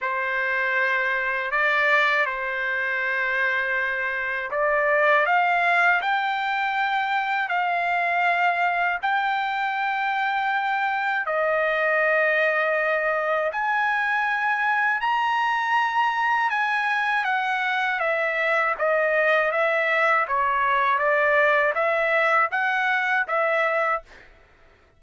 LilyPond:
\new Staff \with { instrumentName = "trumpet" } { \time 4/4 \tempo 4 = 80 c''2 d''4 c''4~ | c''2 d''4 f''4 | g''2 f''2 | g''2. dis''4~ |
dis''2 gis''2 | ais''2 gis''4 fis''4 | e''4 dis''4 e''4 cis''4 | d''4 e''4 fis''4 e''4 | }